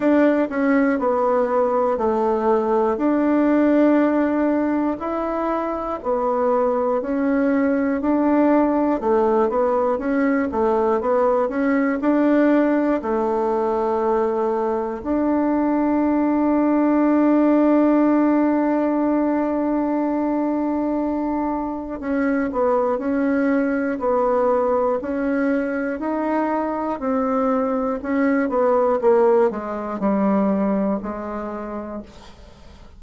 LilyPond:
\new Staff \with { instrumentName = "bassoon" } { \time 4/4 \tempo 4 = 60 d'8 cis'8 b4 a4 d'4~ | d'4 e'4 b4 cis'4 | d'4 a8 b8 cis'8 a8 b8 cis'8 | d'4 a2 d'4~ |
d'1~ | d'2 cis'8 b8 cis'4 | b4 cis'4 dis'4 c'4 | cis'8 b8 ais8 gis8 g4 gis4 | }